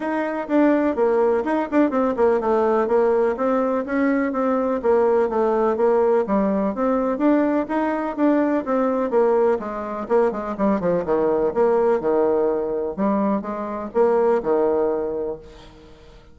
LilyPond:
\new Staff \with { instrumentName = "bassoon" } { \time 4/4 \tempo 4 = 125 dis'4 d'4 ais4 dis'8 d'8 | c'8 ais8 a4 ais4 c'4 | cis'4 c'4 ais4 a4 | ais4 g4 c'4 d'4 |
dis'4 d'4 c'4 ais4 | gis4 ais8 gis8 g8 f8 dis4 | ais4 dis2 g4 | gis4 ais4 dis2 | }